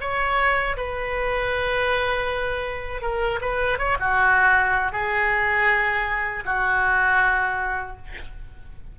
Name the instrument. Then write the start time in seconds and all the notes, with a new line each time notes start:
oboe
0.00 C#5
0.77 B4
3.01 A#4
3.41 B4
3.78 C#5
3.99 F#4
4.92 G#4
6.45 F#4